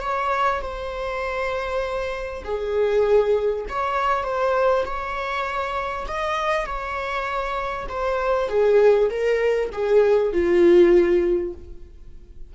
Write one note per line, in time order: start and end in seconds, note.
0.00 0.61 C#5
0.61 2.43 C5
2.44 3.65 G#4
3.69 4.23 C#5
4.23 4.84 C5
4.85 6.06 C#5
6.08 6.66 D#5
6.66 7.87 C#5
7.89 8.48 C5
8.48 9.09 G#4
9.10 9.70 A#4
9.72 10.33 G#4
10.33 11.54 F4